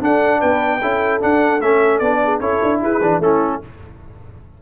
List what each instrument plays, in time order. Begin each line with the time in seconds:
0.00 trombone D4, tuba D4, horn A4, trumpet F#5
0.39 tuba B3, horn B4, trumpet G5
0.80 tuba C#4, trombone E4, horn A4
1.21 trombone D4, tuba D4, trumpet F#5
1.61 tuba A3, trombone C#4, trumpet E5
1.98 tuba B3, trombone D4, trumpet D5
2.23 horn G#4
2.40 tuba C#4, trombone E4, horn A4, trumpet C#5
2.63 tuba D4
2.82 tuba E4, horn G#4, trumpet B4
3.01 tuba E3, trombone D4
3.19 tuba A3, trombone C#4, horn E4, trumpet A4